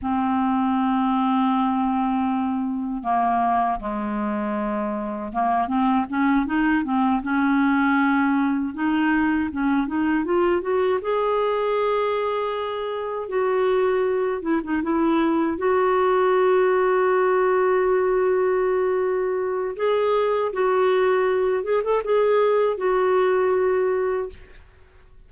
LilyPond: \new Staff \with { instrumentName = "clarinet" } { \time 4/4 \tempo 4 = 79 c'1 | ais4 gis2 ais8 c'8 | cis'8 dis'8 c'8 cis'2 dis'8~ | dis'8 cis'8 dis'8 f'8 fis'8 gis'4.~ |
gis'4. fis'4. e'16 dis'16 e'8~ | e'8 fis'2.~ fis'8~ | fis'2 gis'4 fis'4~ | fis'8 gis'16 a'16 gis'4 fis'2 | }